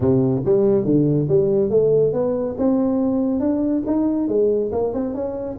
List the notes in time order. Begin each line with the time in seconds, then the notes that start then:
0.00 C3
0.45 G3
0.85 D3
1.28 G3
1.70 A3
2.13 B3
2.57 C4
3.40 D4
3.86 D#4
4.28 G#3
4.72 A#3
4.93 C4
5.14 C#4